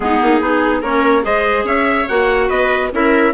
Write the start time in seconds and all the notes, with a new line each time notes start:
0.00 G#3 B3 D#4 G#4
0.21 A#3
0.40 B3 D#4 G#4
0.82 A#3 C#4 A#4 C#5
1.22 G#3 G#4 C5 D#5
1.64 C#4 C#5 E5
2.08 A#3 F#4 F#5
2.48 B3 B4 D#5
2.92 C#4 E4 A#4 E5